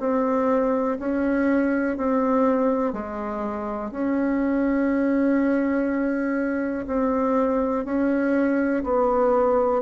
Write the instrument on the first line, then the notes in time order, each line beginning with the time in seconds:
bassoon
0.00 C4
0.99 C#4
1.98 C4
2.93 G#3
3.92 C#4
6.87 C4
7.85 C#4
8.84 B3